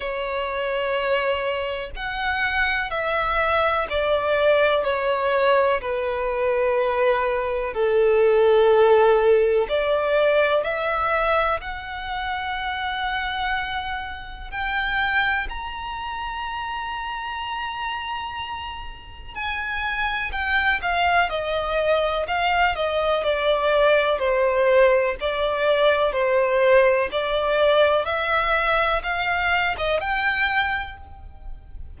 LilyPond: \new Staff \with { instrumentName = "violin" } { \time 4/4 \tempo 4 = 62 cis''2 fis''4 e''4 | d''4 cis''4 b'2 | a'2 d''4 e''4 | fis''2. g''4 |
ais''1 | gis''4 g''8 f''8 dis''4 f''8 dis''8 | d''4 c''4 d''4 c''4 | d''4 e''4 f''8. dis''16 g''4 | }